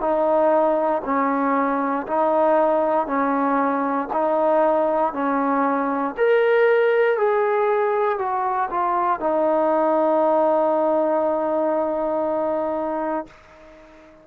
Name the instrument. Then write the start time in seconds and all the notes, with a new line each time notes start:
trombone
0.00 D#4
1.04 C#4
2.06 D#4
3.06 C#4
4.12 D#4
5.13 C#4
6.17 A#4
7.17 G#4
8.18 F#4
8.70 F4
9.19 D#4